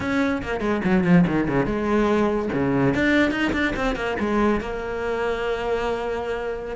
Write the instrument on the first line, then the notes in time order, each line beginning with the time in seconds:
cello
0.00 C#4
0.42 A#3
0.60 G#3
0.84 F#3
1.03 F3
1.27 D#3
1.48 C#3
1.65 G#3
2.53 C#3
2.94 D4
3.31 D#4
3.52 D4
3.76 C4
3.95 A#3
4.19 G#3
4.60 A#3